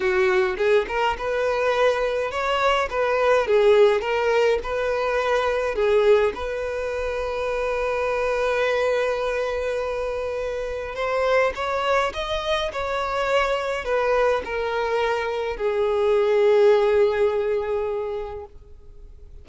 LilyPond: \new Staff \with { instrumentName = "violin" } { \time 4/4 \tempo 4 = 104 fis'4 gis'8 ais'8 b'2 | cis''4 b'4 gis'4 ais'4 | b'2 gis'4 b'4~ | b'1~ |
b'2. c''4 | cis''4 dis''4 cis''2 | b'4 ais'2 gis'4~ | gis'1 | }